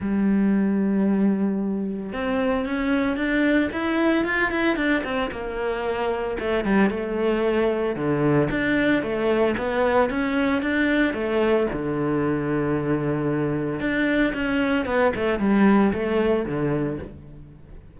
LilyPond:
\new Staff \with { instrumentName = "cello" } { \time 4/4 \tempo 4 = 113 g1 | c'4 cis'4 d'4 e'4 | f'8 e'8 d'8 c'8 ais2 | a8 g8 a2 d4 |
d'4 a4 b4 cis'4 | d'4 a4 d2~ | d2 d'4 cis'4 | b8 a8 g4 a4 d4 | }